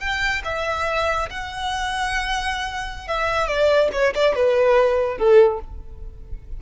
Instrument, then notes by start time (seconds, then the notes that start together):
violin
0.00 G5
0.45 E5
1.30 F#5
3.08 E5
3.47 D5
3.93 C#5
4.15 D5
4.36 B4
5.18 A4